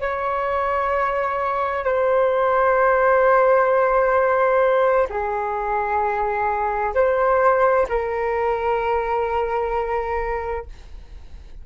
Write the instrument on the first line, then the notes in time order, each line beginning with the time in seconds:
flute
0.00 C#5
1.85 C5
5.10 G#4
6.94 C5
7.89 A#4